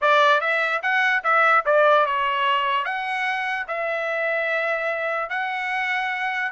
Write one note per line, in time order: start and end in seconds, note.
0.01 0.40 D5
0.40 0.81 E5
0.82 1.23 F#5
1.23 1.64 E5
1.65 2.06 D5
2.06 2.84 C#5
2.84 3.66 F#5
3.67 5.29 E5
5.29 6.52 F#5